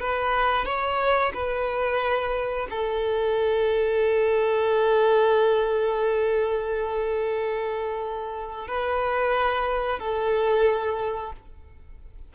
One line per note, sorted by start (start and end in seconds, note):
0.00 0.66 B4
0.66 1.32 C#5
1.34 2.67 B4
2.70 8.68 A4
8.68 9.99 B4
9.99 11.32 A4